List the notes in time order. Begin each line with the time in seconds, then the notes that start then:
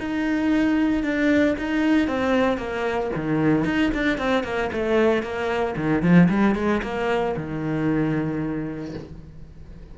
0.00 D#4
1.04 D4
1.59 D#4
2.08 C4
2.58 A#3
3.16 D#3
3.65 D#4
3.94 D4
4.19 C4
4.44 A#3
4.73 A3
5.23 A#3
5.77 D#3
6.03 F3
6.30 G3
6.56 G#3
6.83 A#3
7.37 D#3